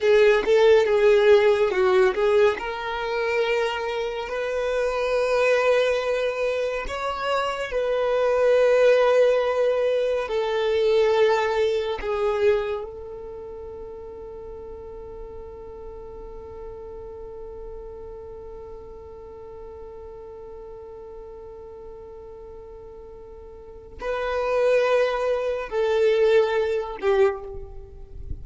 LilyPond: \new Staff \with { instrumentName = "violin" } { \time 4/4 \tempo 4 = 70 gis'8 a'8 gis'4 fis'8 gis'8 ais'4~ | ais'4 b'2. | cis''4 b'2. | a'2 gis'4 a'4~ |
a'1~ | a'1~ | a'1 | b'2 a'4. g'8 | }